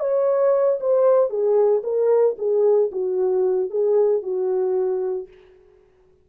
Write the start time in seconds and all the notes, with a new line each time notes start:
0.00 C#5
0.80 C5
1.30 G#4
1.83 A#4
2.38 G#4
2.92 F#4
3.70 G#4
4.23 F#4